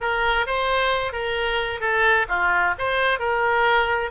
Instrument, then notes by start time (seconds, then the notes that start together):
oboe
0.00 A#4
0.46 C5
1.12 A#4
1.80 A4
2.28 F4
2.78 C5
3.19 A#4